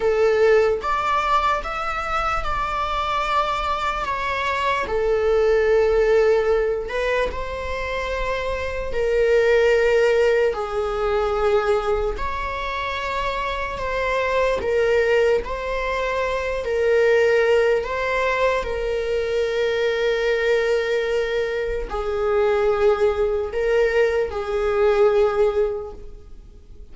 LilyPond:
\new Staff \with { instrumentName = "viola" } { \time 4/4 \tempo 4 = 74 a'4 d''4 e''4 d''4~ | d''4 cis''4 a'2~ | a'8 b'8 c''2 ais'4~ | ais'4 gis'2 cis''4~ |
cis''4 c''4 ais'4 c''4~ | c''8 ais'4. c''4 ais'4~ | ais'2. gis'4~ | gis'4 ais'4 gis'2 | }